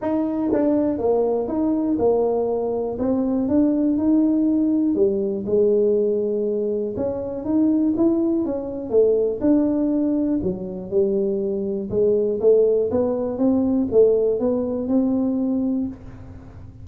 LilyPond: \new Staff \with { instrumentName = "tuba" } { \time 4/4 \tempo 4 = 121 dis'4 d'4 ais4 dis'4 | ais2 c'4 d'4 | dis'2 g4 gis4~ | gis2 cis'4 dis'4 |
e'4 cis'4 a4 d'4~ | d'4 fis4 g2 | gis4 a4 b4 c'4 | a4 b4 c'2 | }